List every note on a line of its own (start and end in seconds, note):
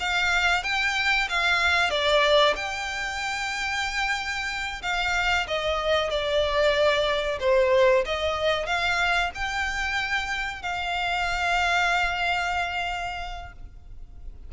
0.00 0.64 F5
0.64 1.28 G5
1.29 1.90 F5
1.90 2.55 D5
2.56 4.82 G5
4.82 5.47 F5
5.48 6.11 D#5
6.11 7.40 D5
7.40 8.05 C5
8.06 8.67 D#5
8.67 9.31 F5
9.35 10.62 G5
10.62 13.53 F5